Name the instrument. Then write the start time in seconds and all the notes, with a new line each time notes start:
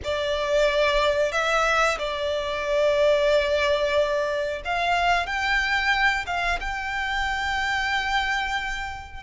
violin
0.04 D5
1.32 E5
1.98 D5
4.65 F5
5.26 G5
6.26 F5
6.60 G5